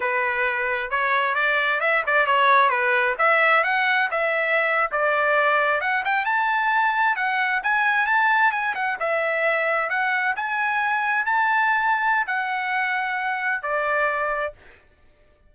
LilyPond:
\new Staff \with { instrumentName = "trumpet" } { \time 4/4 \tempo 4 = 132 b'2 cis''4 d''4 | e''8 d''8 cis''4 b'4 e''4 | fis''4 e''4.~ e''16 d''4~ d''16~ | d''8. fis''8 g''8 a''2 fis''16~ |
fis''8. gis''4 a''4 gis''8 fis''8 e''16~ | e''4.~ e''16 fis''4 gis''4~ gis''16~ | gis''8. a''2~ a''16 fis''4~ | fis''2 d''2 | }